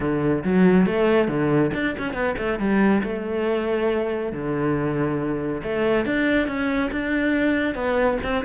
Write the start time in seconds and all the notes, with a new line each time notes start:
0.00 D3
0.44 F#3
0.86 A3
1.28 D3
1.73 D4
1.98 C#4
2.13 B3
2.37 A3
2.59 G3
3.03 A3
4.32 D3
5.63 A3
6.05 D4
6.47 C#4
6.91 D4
7.75 B3
8.23 C4